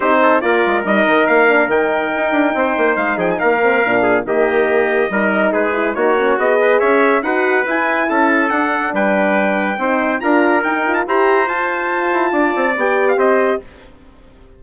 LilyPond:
<<
  \new Staff \with { instrumentName = "trumpet" } { \time 4/4 \tempo 4 = 141 c''4 d''4 dis''4 f''4 | g''2. f''8 g''16 gis''16 | f''2 dis''2~ | dis''4 b'4 cis''4 dis''4 |
e''4 fis''4 gis''4 a''4 | fis''4 g''2. | ais''4 g''8. a''16 ais''4 a''4~ | a''2 g''8. f''16 dis''4 | }
  \new Staff \with { instrumentName = "trumpet" } { \time 4/4 g'8 a'8 ais'2.~ | ais'2 c''4. gis'8 | ais'4. gis'8 g'2 | ais'4 gis'4 fis'4. b'8 |
cis''4 b'2 a'4~ | a'4 b'2 c''4 | ais'2 c''2~ | c''4 d''2 c''4 | }
  \new Staff \with { instrumentName = "horn" } { \time 4/4 dis'4 f'4 dis'4. d'8 | dis'1~ | dis'8 c'8 d'4 ais2 | dis'4. e'8 dis'8 cis'8 gis'4~ |
gis'4 fis'4 e'2 | d'2. dis'4 | f'4 dis'8 f'8 g'4 f'4~ | f'2 g'2 | }
  \new Staff \with { instrumentName = "bassoon" } { \time 4/4 c'4 ais8 gis8 g8 dis8 ais4 | dis4 dis'8 d'8 c'8 ais8 gis8 f8 | ais4 ais,4 dis2 | g4 gis4 ais4 b4 |
cis'4 dis'4 e'4 cis'4 | d'4 g2 c'4 | d'4 dis'4 e'4 f'4~ | f'8 e'8 d'8 c'8 b4 c'4 | }
>>